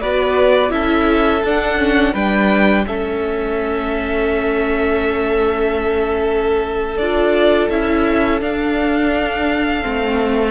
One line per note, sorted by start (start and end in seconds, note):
0.00 0.71 B3
0.00 0.69 F#4
0.00 0.71 B4
0.00 0.71 D5
0.69 1.42 C#4
0.69 1.40 E4
0.69 2.13 A4
0.69 1.43 E5
1.44 2.14 D4
1.44 1.78 D4
1.44 2.14 F#5
1.78 2.14 C#4
2.13 2.85 G3
2.13 2.87 D4
2.13 2.84 B4
2.13 2.85 G5
2.86 6.97 A3
2.86 6.98 C#4
2.86 10.50 A4
2.86 6.97 E5
6.97 7.69 D4
6.97 7.71 F4
6.97 7.68 D5
7.69 8.41 C#4
7.69 8.40 E4
7.69 8.40 E5
8.40 9.82 D4
8.40 9.84 D4
8.40 10.50 F5
9.82 10.50 A3
9.82 10.50 C4